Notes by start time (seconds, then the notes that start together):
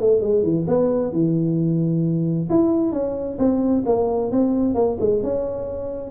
0.00 A3
0.21 G#3
0.43 E3
0.67 B3
1.12 E3
2.50 E4
2.92 C#4
3.38 C4
3.86 A#3
4.31 C4
4.75 A#3
5.00 G#3
5.23 C#4